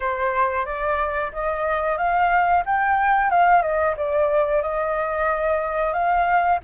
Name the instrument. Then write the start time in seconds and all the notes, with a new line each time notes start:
flute
0.00 C5
0.65 D5
1.32 D#5
1.98 F5
2.65 G5
3.30 F5
3.61 D#5
3.96 D5
4.62 D#5
5.93 F5